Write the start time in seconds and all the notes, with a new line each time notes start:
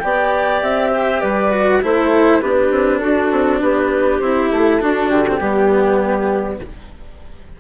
0.00 B3 G4 D5 G5
0.63 C4 E5
0.91 C5
1.21 G3 B4 D5
1.52 F#4
1.82 A3 E4 A4 C5
2.41 B3 D4 G4 B4
2.71 C4
2.99 D4 F#4 A4
3.32 C4
3.62 B3 G4 B4
4.20 C4 E4 C5
4.52 A3 A4
4.81 D4 F#4
5.10 D3 G4
5.29 C4
5.38 G3 B3 G4